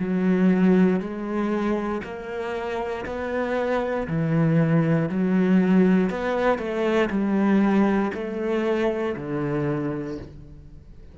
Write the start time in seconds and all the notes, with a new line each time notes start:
0.00 F#3
1.00 G#3
2.04 A#3
3.06 B3
4.08 E3
5.09 F#3
6.10 B3
6.59 A3
7.10 G3
8.14 A3
9.17 D3